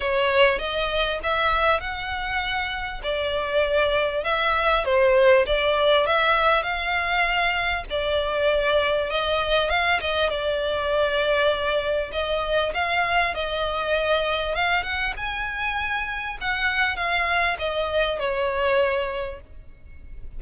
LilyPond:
\new Staff \with { instrumentName = "violin" } { \time 4/4 \tempo 4 = 99 cis''4 dis''4 e''4 fis''4~ | fis''4 d''2 e''4 | c''4 d''4 e''4 f''4~ | f''4 d''2 dis''4 |
f''8 dis''8 d''2. | dis''4 f''4 dis''2 | f''8 fis''8 gis''2 fis''4 | f''4 dis''4 cis''2 | }